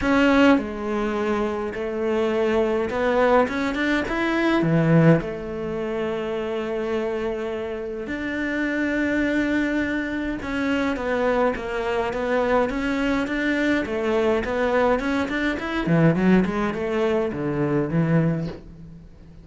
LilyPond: \new Staff \with { instrumentName = "cello" } { \time 4/4 \tempo 4 = 104 cis'4 gis2 a4~ | a4 b4 cis'8 d'8 e'4 | e4 a2.~ | a2 d'2~ |
d'2 cis'4 b4 | ais4 b4 cis'4 d'4 | a4 b4 cis'8 d'8 e'8 e8 | fis8 gis8 a4 d4 e4 | }